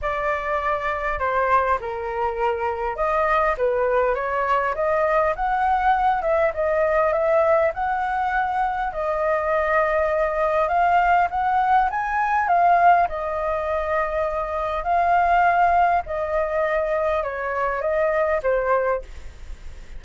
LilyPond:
\new Staff \with { instrumentName = "flute" } { \time 4/4 \tempo 4 = 101 d''2 c''4 ais'4~ | ais'4 dis''4 b'4 cis''4 | dis''4 fis''4. e''8 dis''4 | e''4 fis''2 dis''4~ |
dis''2 f''4 fis''4 | gis''4 f''4 dis''2~ | dis''4 f''2 dis''4~ | dis''4 cis''4 dis''4 c''4 | }